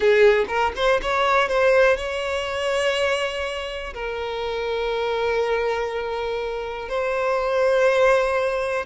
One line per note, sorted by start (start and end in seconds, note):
0.00 0.45 G#4
0.48 0.72 A#4
0.75 1.00 C5
1.01 1.48 C#5
1.48 1.96 C5
1.96 3.93 C#5
3.93 6.89 A#4
6.89 8.85 C5